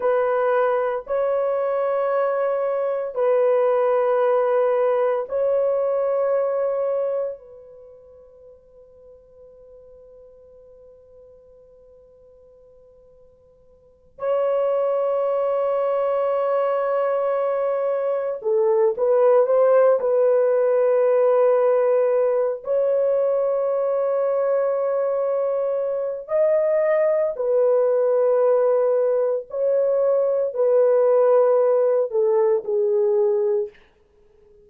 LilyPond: \new Staff \with { instrumentName = "horn" } { \time 4/4 \tempo 4 = 57 b'4 cis''2 b'4~ | b'4 cis''2 b'4~ | b'1~ | b'4. cis''2~ cis''8~ |
cis''4. a'8 b'8 c''8 b'4~ | b'4. cis''2~ cis''8~ | cis''4 dis''4 b'2 | cis''4 b'4. a'8 gis'4 | }